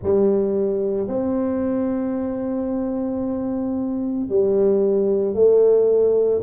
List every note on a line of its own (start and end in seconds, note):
0.03 1.07 G3
1.07 4.29 C4
4.29 5.34 G3
5.34 6.41 A3